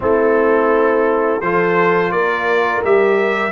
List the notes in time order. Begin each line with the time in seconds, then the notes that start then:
0.00 A3 C4 E4 A4
1.41 F3 F4 A4 C5
2.11 A#3 A#4 D5
2.82 G3 G4 E5